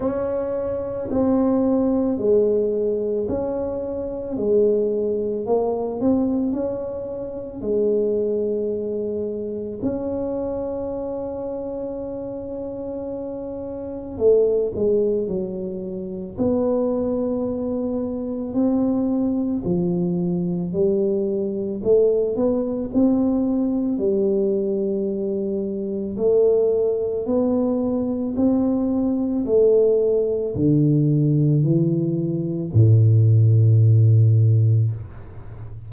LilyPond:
\new Staff \with { instrumentName = "tuba" } { \time 4/4 \tempo 4 = 55 cis'4 c'4 gis4 cis'4 | gis4 ais8 c'8 cis'4 gis4~ | gis4 cis'2.~ | cis'4 a8 gis8 fis4 b4~ |
b4 c'4 f4 g4 | a8 b8 c'4 g2 | a4 b4 c'4 a4 | d4 e4 a,2 | }